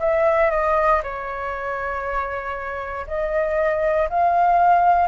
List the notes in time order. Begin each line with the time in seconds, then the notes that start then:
0.00 E5
0.51 D#5
1.03 C#5
3.07 D#5
4.10 F5